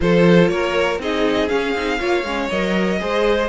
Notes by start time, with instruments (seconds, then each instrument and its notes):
0.00 cello F3, viola F4, violin A4 C5
0.48 cello A#3, violin A#4 C#5
0.99 cello C4, viola D#4, violin G#4 D#5
1.48 viola C#4, cello C#4, violin F5
1.74 cello C4, viola D#4
1.99 cello A#3, viola F4, violin C#5
2.23 cello G#3, viola C#4
2.49 cello F#3, viola A#4, violin D#5
2.99 cello G#3, viola G#4, violin C5